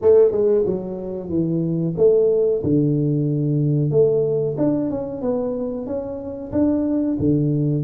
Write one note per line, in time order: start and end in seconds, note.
0.01 0.31 A3
0.31 0.64 G#3
0.66 1.29 F#3
1.29 1.94 E3
1.97 2.62 A3
2.63 3.90 D3
3.90 4.55 A3
4.57 4.90 D4
4.90 5.21 C#4
5.21 5.86 B3
5.86 6.51 C#4
6.52 7.17 D4
7.19 7.83 D3